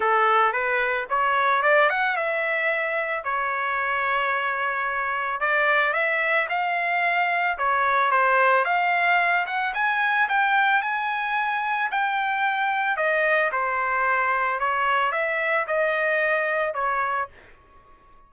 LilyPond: \new Staff \with { instrumentName = "trumpet" } { \time 4/4 \tempo 4 = 111 a'4 b'4 cis''4 d''8 fis''8 | e''2 cis''2~ | cis''2 d''4 e''4 | f''2 cis''4 c''4 |
f''4. fis''8 gis''4 g''4 | gis''2 g''2 | dis''4 c''2 cis''4 | e''4 dis''2 cis''4 | }